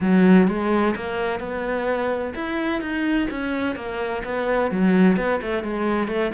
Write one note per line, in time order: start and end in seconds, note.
0.00 0.47 F#3
0.47 0.94 G#3
0.96 1.39 A#3
1.39 2.33 B3
2.34 2.81 E4
2.81 3.28 D#4
3.30 3.75 C#4
3.75 4.22 A#3
4.24 4.71 B3
4.71 5.16 F#3
5.16 5.40 B3
5.41 5.63 A3
5.63 6.08 G#3
6.08 6.31 A3